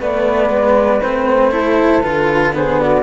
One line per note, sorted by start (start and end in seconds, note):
0.00 0.50 A3
0.00 1.03 B3
0.00 1.53 B4
0.00 1.02 D5
0.50 1.01 G#3
1.02 2.02 A3
1.02 1.51 C4
1.02 2.02 C5
1.51 2.02 E4
1.51 2.55 A4
2.02 3.04 D3
2.02 2.54 F4
2.02 2.53 B4
2.54 3.04 B3
2.54 2.81 G#4
2.54 2.80 C5
2.80 3.04 F#4
2.80 3.04 D5